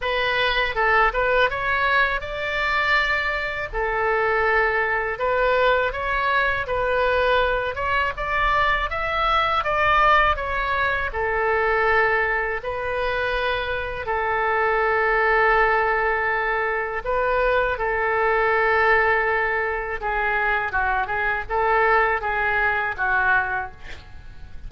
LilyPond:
\new Staff \with { instrumentName = "oboe" } { \time 4/4 \tempo 4 = 81 b'4 a'8 b'8 cis''4 d''4~ | d''4 a'2 b'4 | cis''4 b'4. cis''8 d''4 | e''4 d''4 cis''4 a'4~ |
a'4 b'2 a'4~ | a'2. b'4 | a'2. gis'4 | fis'8 gis'8 a'4 gis'4 fis'4 | }